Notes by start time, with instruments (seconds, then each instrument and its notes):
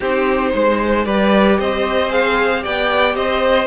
0.00 cello C4, viola D#4, violin G4 C5
0.54 cello G#3, violin C5
1.04 cello G3, viola G4, violin B4 D5
1.58 cello C4, violin C5 D#5
2.09 viola G#4, violin F5
2.59 viola G4, violin D5 G5
2.65 cello B3
3.15 cello C4, violin C5 D#5